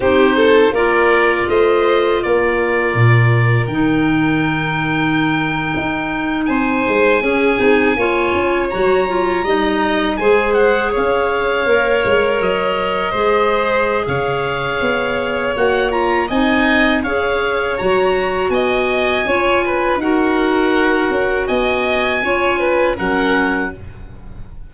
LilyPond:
<<
  \new Staff \with { instrumentName = "oboe" } { \time 4/4 \tempo 4 = 81 c''4 d''4 dis''4 d''4~ | d''4 g''2.~ | g''8. gis''2. ais''16~ | ais''4.~ ais''16 gis''8 fis''8 f''4~ f''16~ |
f''8. dis''2~ dis''16 f''4~ | f''4 fis''8 ais''8 gis''4 f''4 | ais''4 gis''2 fis''4~ | fis''4 gis''2 fis''4 | }
  \new Staff \with { instrumentName = "violin" } { \time 4/4 g'8 a'8 ais'4 c''4 ais'4~ | ais'1~ | ais'8. c''4 gis'4 cis''4~ cis''16~ | cis''8. dis''4 c''4 cis''4~ cis''16~ |
cis''4.~ cis''16 c''4~ c''16 cis''4~ | cis''2 dis''4 cis''4~ | cis''4 dis''4 cis''8 b'8 ais'4~ | ais'4 dis''4 cis''8 b'8 ais'4 | }
  \new Staff \with { instrumentName = "clarinet" } { \time 4/4 dis'4 f'2.~ | f'4 dis'2.~ | dis'4.~ dis'16 cis'8 dis'8 f'4 fis'16~ | fis'16 f'8 dis'4 gis'2 ais'16~ |
ais'4.~ ais'16 gis'2~ gis'16~ | gis'4 fis'8 f'8 dis'4 gis'4 | fis'2 f'4 fis'4~ | fis'2 f'4 cis'4 | }
  \new Staff \with { instrumentName = "tuba" } { \time 4/4 c'4 ais4 a4 ais4 | ais,4 dis2~ dis8. dis'16~ | dis'8. c'8 gis8 cis'8 c'8 ais8 cis'8 fis16~ | fis8. g4 gis4 cis'4 ais16~ |
ais16 gis8 fis4 gis4~ gis16 cis4 | b4 ais4 c'4 cis'4 | fis4 b4 cis'4 dis'4~ | dis'8 cis'8 b4 cis'4 fis4 | }
>>